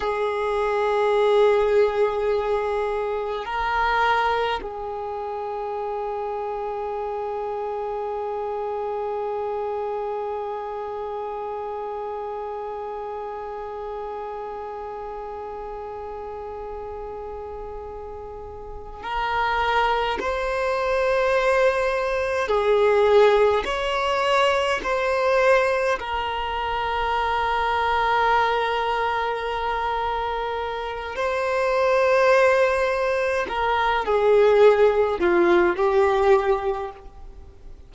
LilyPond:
\new Staff \with { instrumentName = "violin" } { \time 4/4 \tempo 4 = 52 gis'2. ais'4 | gis'1~ | gis'1~ | gis'1~ |
gis'8 ais'4 c''2 gis'8~ | gis'8 cis''4 c''4 ais'4.~ | ais'2. c''4~ | c''4 ais'8 gis'4 f'8 g'4 | }